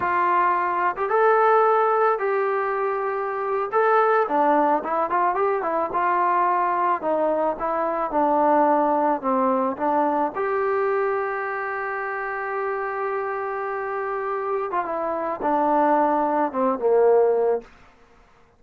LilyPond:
\new Staff \with { instrumentName = "trombone" } { \time 4/4 \tempo 4 = 109 f'4.~ f'16 g'16 a'2 | g'2~ g'8. a'4 d'16~ | d'8. e'8 f'8 g'8 e'8 f'4~ f'16~ | f'8. dis'4 e'4 d'4~ d'16~ |
d'8. c'4 d'4 g'4~ g'16~ | g'1~ | g'2~ g'8. f'16 e'4 | d'2 c'8 ais4. | }